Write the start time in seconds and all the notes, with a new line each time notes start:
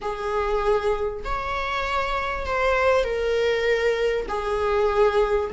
0.01 G#4
1.24 C#5
2.46 C5
3.04 A#4
4.28 G#4